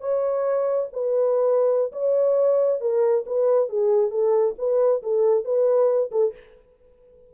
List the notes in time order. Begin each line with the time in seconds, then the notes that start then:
0.00 C#5
0.93 B4
1.92 C#5
2.81 A#4
3.26 B4
3.69 G#4
4.10 A4
4.58 B4
5.03 A4
5.44 B4
6.11 A4